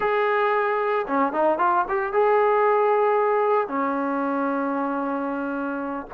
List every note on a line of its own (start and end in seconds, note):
0.00 1.06 G#4
1.07 1.33 C#4
1.33 1.58 D#4
1.58 1.85 F4
1.88 2.12 G4
2.12 3.68 G#4
3.68 6.07 C#4